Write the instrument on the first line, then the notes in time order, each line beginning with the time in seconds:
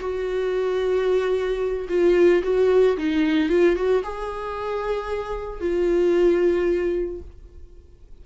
viola
0.00 F#4
1.89 F4
2.43 F#4
2.97 D#4
3.49 F4
3.76 F#4
4.03 G#4
5.61 F4